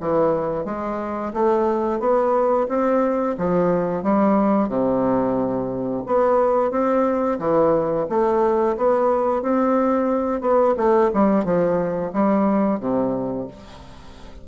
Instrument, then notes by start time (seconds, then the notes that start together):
bassoon
0.00 E3
0.65 G#3
1.33 A3
1.99 B3
2.68 C4
3.38 F3
4.03 G3
4.68 C3
6.06 B3
6.71 C4
7.39 E3
8.09 A3
8.77 B3
9.42 C4
10.41 B3
10.77 A3
11.14 G3
11.44 F3
12.13 G3
12.80 C3